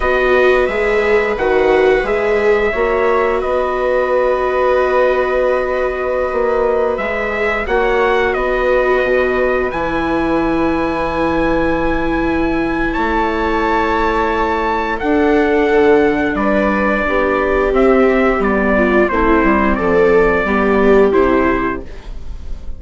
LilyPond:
<<
  \new Staff \with { instrumentName = "trumpet" } { \time 4/4 \tempo 4 = 88 dis''4 e''4 fis''4 e''4~ | e''4 dis''2.~ | dis''2~ dis''16 e''4 fis''8.~ | fis''16 dis''2 gis''4.~ gis''16~ |
gis''2. a''4~ | a''2 fis''2 | d''2 e''4 d''4 | c''4 d''2 c''4 | }
  \new Staff \with { instrumentName = "viola" } { \time 4/4 b'1 | cis''4 b'2.~ | b'2.~ b'16 cis''8.~ | cis''16 b'2.~ b'8.~ |
b'2. cis''4~ | cis''2 a'2 | b'4 g'2~ g'8 f'8 | e'4 a'4 g'2 | }
  \new Staff \with { instrumentName = "viola" } { \time 4/4 fis'4 gis'4 fis'4 gis'4 | fis'1~ | fis'2~ fis'16 gis'4 fis'8.~ | fis'2~ fis'16 e'4.~ e'16~ |
e'1~ | e'2 d'2~ | d'2 c'4 b4 | c'2 b4 e'4 | }
  \new Staff \with { instrumentName = "bassoon" } { \time 4/4 b4 gis4 dis4 gis4 | ais4 b2.~ | b4~ b16 ais4 gis4 ais8.~ | ais16 b4 b,4 e4.~ e16~ |
e2. a4~ | a2 d'4 d4 | g4 b4 c'4 g4 | a8 g8 f4 g4 c4 | }
>>